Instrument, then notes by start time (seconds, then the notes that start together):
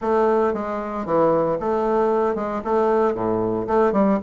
bassoon
0.01 A3
0.53 G#3
1.05 E3
1.60 A3
2.35 G#3
2.64 A3
3.14 A2
3.67 A3
3.92 G3